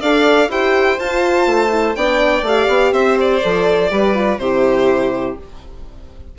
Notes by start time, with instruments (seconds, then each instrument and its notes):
0.00 bassoon D4, horn A4, violin D5 F5
0.49 bassoon E4, horn G4, violin C5 G5
0.99 bassoon F4, horn F4, violin A5
1.46 bassoon A3
1.70 horn E4
1.95 bassoon B3, horn D4, violin D5 G5
2.42 bassoon A3, horn G4, violin F5
2.68 bassoon B3
2.92 bassoon C4, violin C5 E5
3.20 violin D5
3.42 bassoon F3, horn A4
3.90 bassoon G3, horn G4, violin B4
4.14 horn F4
4.38 bassoon C3, horn E4, violin G4 C5